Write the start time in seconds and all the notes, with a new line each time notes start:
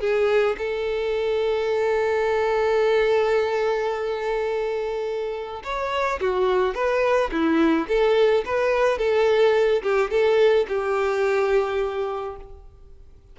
0.00 G#4
0.58 A4
5.64 C#5
6.20 F#4
6.74 B4
7.31 E4
7.88 A4
8.45 B4
8.98 A4
9.82 G4
10.10 A4
10.68 G4